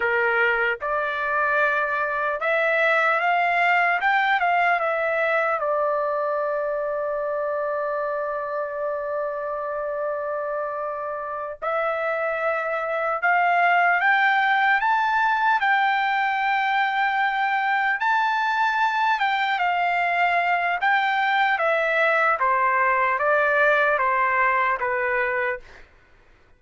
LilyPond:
\new Staff \with { instrumentName = "trumpet" } { \time 4/4 \tempo 4 = 75 ais'4 d''2 e''4 | f''4 g''8 f''8 e''4 d''4~ | d''1~ | d''2~ d''8 e''4.~ |
e''8 f''4 g''4 a''4 g''8~ | g''2~ g''8 a''4. | g''8 f''4. g''4 e''4 | c''4 d''4 c''4 b'4 | }